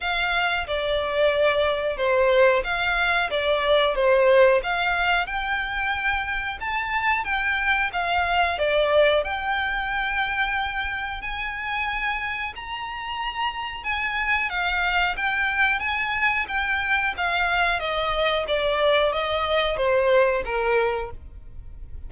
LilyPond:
\new Staff \with { instrumentName = "violin" } { \time 4/4 \tempo 4 = 91 f''4 d''2 c''4 | f''4 d''4 c''4 f''4 | g''2 a''4 g''4 | f''4 d''4 g''2~ |
g''4 gis''2 ais''4~ | ais''4 gis''4 f''4 g''4 | gis''4 g''4 f''4 dis''4 | d''4 dis''4 c''4 ais'4 | }